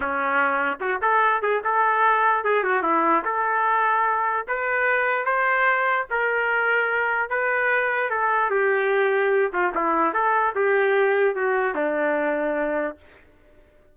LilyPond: \new Staff \with { instrumentName = "trumpet" } { \time 4/4 \tempo 4 = 148 cis'2 fis'8 a'4 gis'8 | a'2 gis'8 fis'8 e'4 | a'2. b'4~ | b'4 c''2 ais'4~ |
ais'2 b'2 | a'4 g'2~ g'8 f'8 | e'4 a'4 g'2 | fis'4 d'2. | }